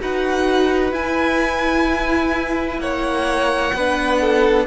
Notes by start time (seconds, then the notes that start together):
0.00 D#4 F#4 B4 F#5
0.92 E4 G#5
2.78 A#3 C#5 F#5
3.73 B3 D4 B4
4.21 A4